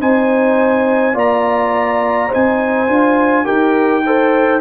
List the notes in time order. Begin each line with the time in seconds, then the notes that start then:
0.00 C4 D#4 C5 G#5
1.14 A#3 F4 D5 A#5
2.29 D#4 C5 G#5
2.35 C4
2.88 D4 F4
3.45 D#4 G4 A#4 G5
4.06 A4 C5